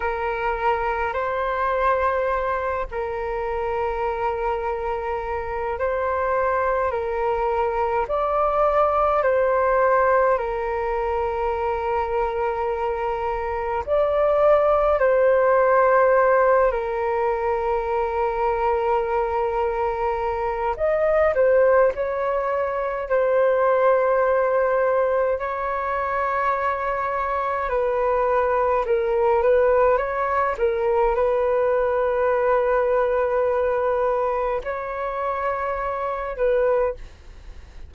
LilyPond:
\new Staff \with { instrumentName = "flute" } { \time 4/4 \tempo 4 = 52 ais'4 c''4. ais'4.~ | ais'4 c''4 ais'4 d''4 | c''4 ais'2. | d''4 c''4. ais'4.~ |
ais'2 dis''8 c''8 cis''4 | c''2 cis''2 | b'4 ais'8 b'8 cis''8 ais'8 b'4~ | b'2 cis''4. b'8 | }